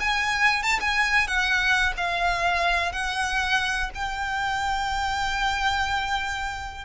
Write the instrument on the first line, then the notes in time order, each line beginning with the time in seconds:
violin
0.00 G#5
0.63 A5
0.81 G#5
1.27 F#5
1.97 F5
2.93 F#5
3.95 G5